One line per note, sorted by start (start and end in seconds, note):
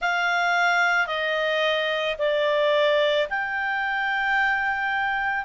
0.01 1.06 F5
1.06 2.15 D#5
2.18 3.27 D5
3.29 5.44 G5